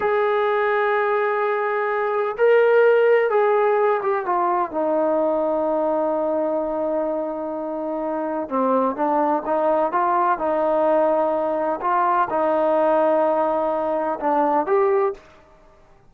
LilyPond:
\new Staff \with { instrumentName = "trombone" } { \time 4/4 \tempo 4 = 127 gis'1~ | gis'4 ais'2 gis'4~ | gis'8 g'8 f'4 dis'2~ | dis'1~ |
dis'2 c'4 d'4 | dis'4 f'4 dis'2~ | dis'4 f'4 dis'2~ | dis'2 d'4 g'4 | }